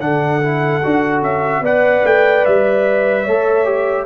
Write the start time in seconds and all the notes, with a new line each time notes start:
0.00 D3 D4 A4 F#5
0.41 E4
0.83 D4 F#4
1.21 C#4 E5
1.61 B3 B4 D5 F#5
2.04 A3 G5
2.45 G3 E5
3.23 A3 A4 C#5
3.64 G4